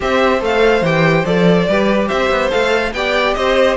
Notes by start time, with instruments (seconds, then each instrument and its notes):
0.00 cello C4, viola G4, violin C5 E5
0.40 cello A3, viola A4, violin F5
0.81 cello E3, viola G4, violin G5
1.25 cello F3, viola A4, violin D5
1.67 cello G3, viola G4, violin B4
2.08 cello C4, violin C5 E5
2.30 cello B3
2.50 cello A3, viola A4, violin F5
2.93 cello B3, viola G4, violin D5 G5
3.34 cello C4, violin C5 D#5